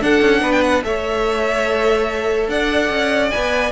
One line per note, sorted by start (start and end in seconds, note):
0.00 0.82 D4
0.00 0.20 D4
0.00 0.42 A4
0.00 0.52 F#5
0.20 0.41 C#4
0.41 0.82 B3
0.41 0.83 B4
0.52 0.62 G5
0.62 0.82 F#5
0.82 2.48 A3
0.82 3.31 A4
0.82 2.50 C#5
0.82 2.49 E5
2.48 2.89 D4
2.48 3.72 D5
2.48 3.30 F#5
2.89 3.30 C#4
3.30 3.72 B3
3.30 3.72 B4
3.30 3.71 G#5